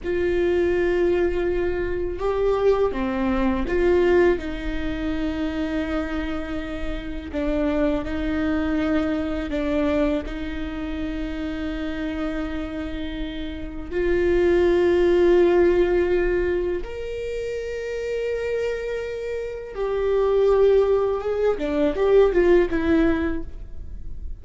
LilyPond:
\new Staff \with { instrumentName = "viola" } { \time 4/4 \tempo 4 = 82 f'2. g'4 | c'4 f'4 dis'2~ | dis'2 d'4 dis'4~ | dis'4 d'4 dis'2~ |
dis'2. f'4~ | f'2. ais'4~ | ais'2. g'4~ | g'4 gis'8 d'8 g'8 f'8 e'4 | }